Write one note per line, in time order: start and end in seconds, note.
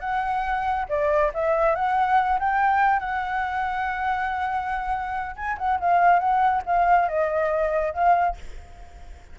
0.00 0.86 F#5
0.89 1.32 D5
1.34 1.75 E5
1.75 2.39 F#5
2.39 3.00 G5
3.00 5.36 F#5
5.36 5.57 G#5
5.58 5.80 F#5
5.80 6.19 F5
6.19 6.62 F#5
6.65 7.08 F5
7.09 7.94 D#5
7.94 8.37 F5